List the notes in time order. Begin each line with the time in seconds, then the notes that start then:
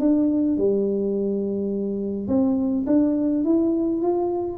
0.00 D4
0.58 G3
2.28 C4
2.87 D4
3.45 E4
4.02 F4